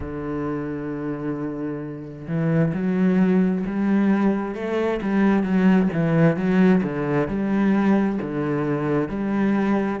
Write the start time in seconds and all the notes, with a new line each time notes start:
0.00 D3
2.27 E3
2.73 F#3
3.66 G3
4.55 A3
5.02 G3
5.43 F#3
5.93 E3
6.36 F#3
6.83 D3
7.27 G3
8.21 D3
9.09 G3